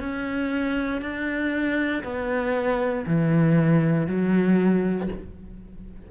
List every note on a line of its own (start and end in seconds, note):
0.00 1.02 C#4
1.02 2.03 D4
2.04 3.06 B3
3.07 4.07 E3
4.07 5.09 F#3